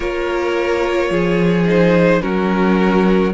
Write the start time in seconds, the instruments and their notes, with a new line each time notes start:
0.00 cello A#3, viola F4, violin A#4 C#5
1.09 cello F3, violin G#4
1.65 viola D#4, violin C5
2.21 cello F#3, viola C#4, violin F#4 A#4